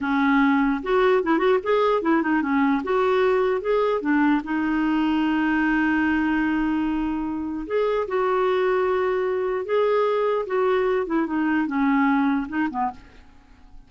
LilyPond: \new Staff \with { instrumentName = "clarinet" } { \time 4/4 \tempo 4 = 149 cis'2 fis'4 e'8 fis'8 | gis'4 e'8 dis'8 cis'4 fis'4~ | fis'4 gis'4 d'4 dis'4~ | dis'1~ |
dis'2. gis'4 | fis'1 | gis'2 fis'4. e'8 | dis'4 cis'2 dis'8 b8 | }